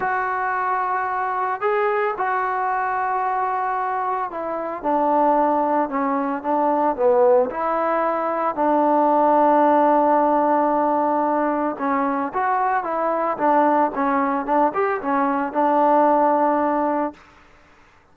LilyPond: \new Staff \with { instrumentName = "trombone" } { \time 4/4 \tempo 4 = 112 fis'2. gis'4 | fis'1 | e'4 d'2 cis'4 | d'4 b4 e'2 |
d'1~ | d'2 cis'4 fis'4 | e'4 d'4 cis'4 d'8 g'8 | cis'4 d'2. | }